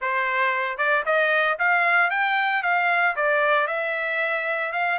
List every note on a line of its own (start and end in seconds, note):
0.01 0.77 C5
0.77 1.03 D5
1.05 1.58 D#5
1.58 2.10 F5
2.10 2.62 G5
2.62 3.15 F5
3.16 3.67 D5
3.67 4.72 E5
4.72 4.98 F5